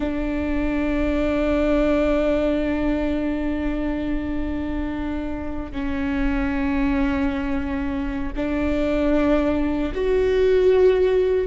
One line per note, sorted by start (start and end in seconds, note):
0.00 5.72 D4
5.72 8.32 C#4
8.36 9.92 D4
9.94 11.47 F#4